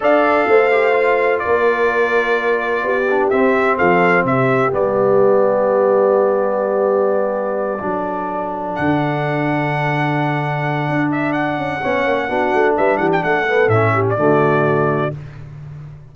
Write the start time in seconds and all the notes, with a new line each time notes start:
0.00 D4 A4 D5 F5
0.47 A3 C5
0.71 G4
0.92 F4
1.39 A#4 D5
1.46 A#3
2.82 B3 G4
3.10 D4
3.29 C4 E5
3.77 F3 A4 F5
4.24 C3 G4 E5
4.71 G3 B3 D5
7.79 F#3 D4 A4
8.75 D3 F#5
10.89 D4
11.11 E5
11.32 F#5
11.57 C#4
11.81 B3 C#4 C#5
12.05 A#3
12.28 B3 D4 F#4
12.54 A3
12.76 G3 B4 E5
12.97 E3 G4 F#5
13.12 G5
13.23 A3 A4 F#5
13.47 B3
13.67 A2 C#4 E5
13.94 G4
14.09 D5
14.17 D3 A3 F#4